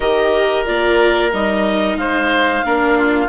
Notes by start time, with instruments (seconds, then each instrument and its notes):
0.00 bassoon D#3, viola G4, oboe A#4, clarinet D#5
0.64 bassoon A#3, viola F4, clarinet D5
1.32 bassoon G3, viola D#4, clarinet D#5
1.96 bassoon G#3, oboe C5, clarinet F5
2.64 bassoon A#3, viola D4, oboe A#4
2.98 oboe F4